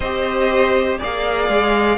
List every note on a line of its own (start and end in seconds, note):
0.00 0.99 C4
0.00 0.99 G4
0.00 0.98 C5
0.00 0.98 D#5
0.98 1.48 A#3
0.98 1.97 G#4
0.98 1.97 D5
0.98 1.97 F5
1.48 1.97 G#3